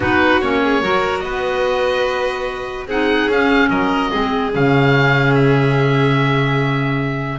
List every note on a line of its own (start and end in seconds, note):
0.00 0.41 B3
0.00 0.40 D#4
0.00 0.60 F#4
0.00 0.41 B4
0.41 0.82 A#3
0.41 0.82 C#4
0.41 1.19 C#5
0.63 0.82 G#4
0.82 1.23 F#3
0.82 2.87 F#4
0.82 1.23 A#4
1.19 2.87 B3
1.19 2.86 B4
1.19 2.83 D#5
2.86 3.26 C4
2.86 3.31 D#4
2.86 3.69 G#4
2.86 3.31 F#5
3.26 3.67 C#4
3.26 4.10 C#4
3.26 3.69 F5
3.69 4.10 F#3
3.69 4.10 A#4
3.69 4.51 D#5
4.10 4.55 G#3
4.10 4.51 C4
4.10 7.39 G#4
4.52 7.39 C#3
4.52 7.39 C#4
4.52 5.34 F5
5.34 7.39 E5